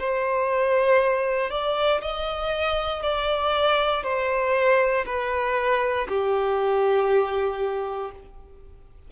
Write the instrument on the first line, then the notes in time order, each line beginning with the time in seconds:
violin
0.00 C5
1.51 D5
2.02 D#5
3.03 D5
4.04 C5
5.06 B4
6.09 G4